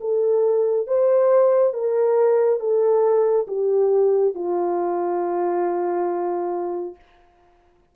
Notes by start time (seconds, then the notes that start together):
0.00 A4
0.87 C5
1.73 A#4
2.59 A4
3.47 G4
4.34 F4